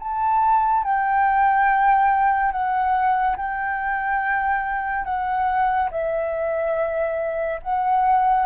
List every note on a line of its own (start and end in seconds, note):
0.00 0.84 A5
0.84 2.52 G5
2.52 3.37 F#5
3.37 5.05 G5
5.05 5.90 F#5
5.92 7.61 E5
7.63 8.46 F#5